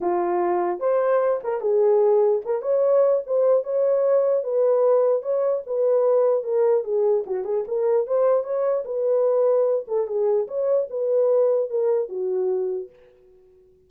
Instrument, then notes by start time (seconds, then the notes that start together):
horn
0.00 F4
0.79 C5
1.43 A#4
1.61 G#4
2.45 A#4
2.62 C#5
3.26 C5
3.63 C#5
4.43 B4
5.22 C#5
5.66 B4
6.43 A#4
6.84 G#4
7.26 F#4
7.44 G#4
7.67 A#4
8.06 C5
8.43 C#5
8.85 B4
9.87 A4
10.07 G#4
10.47 C#5
10.89 B4
11.69 A#4
12.08 F#4